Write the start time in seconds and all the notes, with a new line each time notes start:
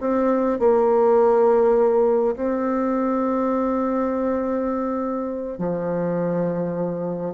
0.00 C4
0.59 A#3
2.36 C4
5.58 F3